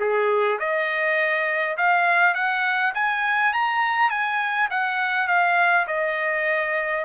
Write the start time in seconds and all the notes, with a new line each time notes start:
0.00 G#4
0.59 D#5
1.77 F5
2.34 F#5
2.95 G#5
3.53 A#5
4.10 G#5
4.71 F#5
5.28 F5
5.87 D#5